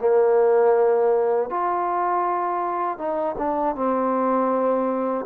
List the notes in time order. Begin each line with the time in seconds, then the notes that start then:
0.00 A#3
1.50 F4
2.98 D#4
3.38 D4
3.75 C4